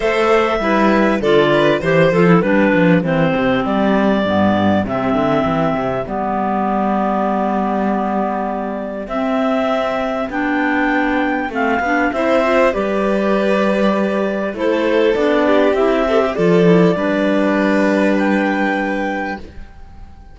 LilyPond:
<<
  \new Staff \with { instrumentName = "clarinet" } { \time 4/4 \tempo 4 = 99 e''2 d''4 c''8 a'8 | b'4 c''4 d''2 | e''2 d''2~ | d''2. e''4~ |
e''4 g''2 f''4 | e''4 d''2. | c''4 d''4 e''4 d''4~ | d''2 g''2 | }
  \new Staff \with { instrumentName = "violin" } { \time 4/4 c''4 b'4 a'8 b'8 c''4 | g'1~ | g'1~ | g'1~ |
g'1 | c''4 b'2. | a'4. g'4 a'16 g'16 a'4 | b'1 | }
  \new Staff \with { instrumentName = "clarinet" } { \time 4/4 a'4 e'4 f'4 g'8 f'16 e'16 | d'4 c'2 b4 | c'2 b2~ | b2. c'4~ |
c'4 d'2 c'8 d'8 | e'8 f'8 g'2. | e'4 d'4 e'8 g'8 f'8 e'8 | d'1 | }
  \new Staff \with { instrumentName = "cello" } { \time 4/4 a4 g4 d4 e8 f8 | g8 f8 e8 c8 g4 g,4 | c8 d8 e8 c8 g2~ | g2. c'4~ |
c'4 b2 a8 b8 | c'4 g2. | a4 b4 c'4 f4 | g1 | }
>>